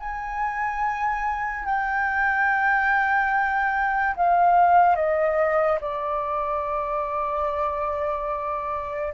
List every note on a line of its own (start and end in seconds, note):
0.00 1.65 G#5
1.65 4.15 G5
4.16 4.95 F5
4.95 5.79 D#5
5.81 9.14 D5